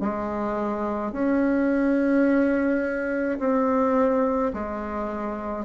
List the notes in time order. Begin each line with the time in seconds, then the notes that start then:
0.00 G#3
1.12 C#4
3.39 C4
4.53 G#3